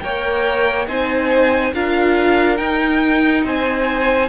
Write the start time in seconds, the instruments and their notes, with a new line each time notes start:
0.00 cello A#3, viola A#4, violin C#5 G5
0.87 cello C4, viola D#4, violin C5 G#5
1.73 cello D4, viola F4, violin A#4 F5
2.57 viola D#4, cello D#4, violin G5
3.44 cello C4, violin C5 G#5